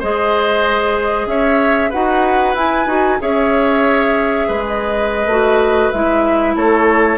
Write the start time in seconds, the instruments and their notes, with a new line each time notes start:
0.00 bassoon G#3, clarinet G#4, oboe C5, flute D#5
1.27 bassoon C#4, oboe C#5, flute E5
1.90 bassoon D#4, clarinet F#4, oboe B4, flute F#5
2.55 bassoon E4, clarinet E4, flute G#5
2.87 bassoon D#4, clarinet F#4
3.20 bassoon C#4, clarinet G#4, oboe C#5, flute E5
4.48 bassoon G#3, oboe B4
4.67 flute D#5
5.26 bassoon A3, clarinet F#4
5.92 bassoon G#3, clarinet E4, flute E5
6.56 bassoon A3, oboe A4, flute C#5